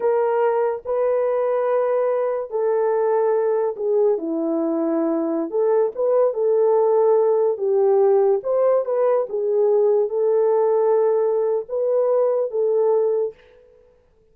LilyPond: \new Staff \with { instrumentName = "horn" } { \time 4/4 \tempo 4 = 144 ais'2 b'2~ | b'2 a'2~ | a'4 gis'4 e'2~ | e'4~ e'16 a'4 b'4 a'8.~ |
a'2~ a'16 g'4.~ g'16~ | g'16 c''4 b'4 gis'4.~ gis'16~ | gis'16 a'2.~ a'8. | b'2 a'2 | }